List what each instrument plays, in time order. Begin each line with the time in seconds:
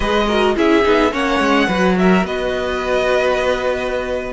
0.00 cello G#3, viola G#4, violin B4 D#5
0.27 viola F#4, violin A#4
0.55 cello C#4, viola E4, violin G#4 E5
0.82 cello B3, viola D#4
1.11 cello A#3, viola C#4, violin C#5 F#5
1.39 cello G#3
1.67 cello F#3, viola F#4, violin B4
1.98 violin A#4 E5
2.23 cello B3, violin B4 D#5